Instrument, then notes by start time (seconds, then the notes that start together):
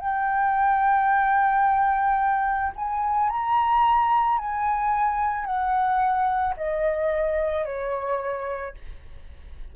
flute
0.00 G5
2.76 G#5
3.30 A#5
4.39 G#5
5.45 F#5
6.58 D#5
7.66 C#5